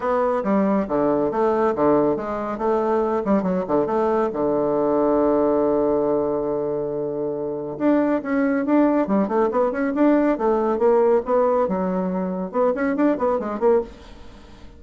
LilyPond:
\new Staff \with { instrumentName = "bassoon" } { \time 4/4 \tempo 4 = 139 b4 g4 d4 a4 | d4 gis4 a4. g8 | fis8 d8 a4 d2~ | d1~ |
d2 d'4 cis'4 | d'4 g8 a8 b8 cis'8 d'4 | a4 ais4 b4 fis4~ | fis4 b8 cis'8 d'8 b8 gis8 ais8 | }